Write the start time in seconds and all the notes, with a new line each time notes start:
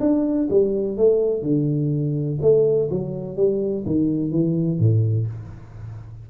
0.00 D4
0.50 G3
0.97 A3
1.42 D3
2.42 A3
2.91 F#3
3.36 G3
3.86 D#3
4.31 E3
4.79 A2